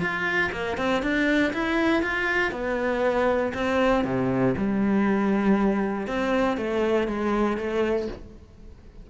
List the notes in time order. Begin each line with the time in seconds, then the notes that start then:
0.00 F4
0.52 A#3
0.77 C4
1.02 D4
1.53 E4
2.02 F4
2.51 B3
3.53 C4
4.04 C3
4.57 G3
6.07 C4
6.57 A3
7.07 G#3
7.57 A3